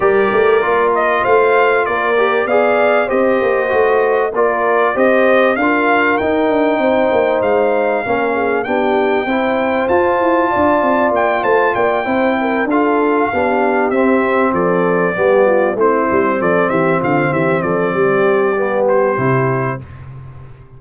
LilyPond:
<<
  \new Staff \with { instrumentName = "trumpet" } { \time 4/4 \tempo 4 = 97 d''4. dis''8 f''4 d''4 | f''4 dis''2 d''4 | dis''4 f''4 g''2 | f''2 g''2 |
a''2 g''8 a''8 g''4~ | g''8 f''2 e''4 d''8~ | d''4. c''4 d''8 e''8 f''8 | e''8 d''2 c''4. | }
  \new Staff \with { instrumentName = "horn" } { \time 4/4 ais'2 c''4 ais'4 | d''4 c''2 ais'4 | c''4 ais'2 c''4~ | c''4 ais'8 gis'8 g'4 c''4~ |
c''4 d''4. c''8 d''8 c''8 | ais'8 a'4 g'2 a'8~ | a'8 g'8 f'8 e'4 a'8 g'8 f'8 | g'8 a'8 g'2. | }
  \new Staff \with { instrumentName = "trombone" } { \time 4/4 g'4 f'2~ f'8 g'8 | gis'4 g'4 fis'4 f'4 | g'4 f'4 dis'2~ | dis'4 cis'4 d'4 e'4 |
f'2.~ f'8 e'8~ | e'8 f'4 d'4 c'4.~ | c'8 b4 c'2~ c'8~ | c'2 b4 e'4 | }
  \new Staff \with { instrumentName = "tuba" } { \time 4/4 g8 a8 ais4 a4 ais4 | b4 c'8 ais8 a4 ais4 | c'4 d'4 dis'8 d'8 c'8 ais8 | gis4 ais4 b4 c'4 |
f'8 e'8 d'8 c'8 ais8 a8 ais8 c'8~ | c'8 d'4 b4 c'4 f8~ | f8 g4 a8 g8 f8 e8 d8 | e8 f8 g2 c4 | }
>>